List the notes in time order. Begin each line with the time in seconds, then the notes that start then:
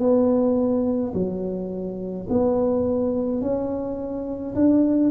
0.00 B3
1.14 F#3
2.30 B3
3.41 C#4
4.55 D4